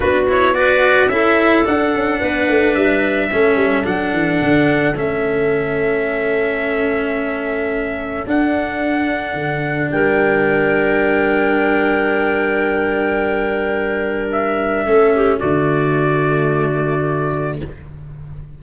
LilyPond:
<<
  \new Staff \with { instrumentName = "trumpet" } { \time 4/4 \tempo 4 = 109 b'8 cis''8 d''4 e''4 fis''4~ | fis''4 e''2 fis''4~ | fis''4 e''2.~ | e''2. fis''4~ |
fis''2 g''2~ | g''1~ | g''2 e''2 | d''1 | }
  \new Staff \with { instrumentName = "clarinet" } { \time 4/4 fis'4 b'4 a'2 | b'2 a'2~ | a'1~ | a'1~ |
a'2 ais'2~ | ais'1~ | ais'2. a'8 g'8 | fis'1 | }
  \new Staff \with { instrumentName = "cello" } { \time 4/4 d'8 e'8 fis'4 e'4 d'4~ | d'2 cis'4 d'4~ | d'4 cis'2.~ | cis'2. d'4~ |
d'1~ | d'1~ | d'2. cis'4 | a1 | }
  \new Staff \with { instrumentName = "tuba" } { \time 4/4 b2 cis'4 d'8 cis'8 | b8 a8 g4 a8 g8 fis8 e8 | d4 a2.~ | a2. d'4~ |
d'4 d4 g2~ | g1~ | g2. a4 | d1 | }
>>